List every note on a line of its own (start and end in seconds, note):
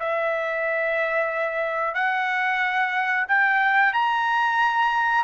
0.00 1.95 E5
1.95 3.26 F#5
3.28 3.94 G5
3.94 5.24 A#5